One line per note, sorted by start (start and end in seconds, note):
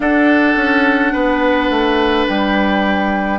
0.00 0.55 D4
0.00 3.39 D4
0.00 1.12 A4
0.00 2.26 F#5
0.55 1.12 C#4
1.12 1.69 B3
1.12 3.39 B4
1.69 2.26 A3
2.27 3.39 G3
2.27 3.39 G5